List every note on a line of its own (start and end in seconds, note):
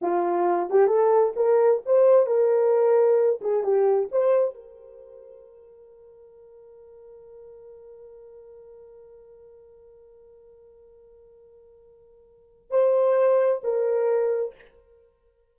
0.01 0.69 F4
0.70 0.87 G4
0.87 1.32 A4
1.36 1.81 A#4
1.85 2.26 C5
2.26 3.39 A#4
3.41 3.63 G#4
3.63 4.08 G4
4.11 4.54 C5
4.54 12.70 A#4
12.70 13.61 C5
13.63 14.54 A#4